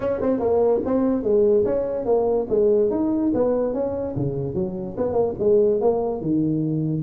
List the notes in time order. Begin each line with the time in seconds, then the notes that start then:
0.00 C#4
0.21 C4
0.39 A#3
0.85 C4
1.23 G#3
1.65 C#4
2.05 A#3
2.49 G#3
2.90 D#4
3.34 B3
3.73 C#4
4.15 C#3
4.54 F#3
4.97 B3
5.12 A#3
5.39 G#3
5.80 A#3
6.21 D#3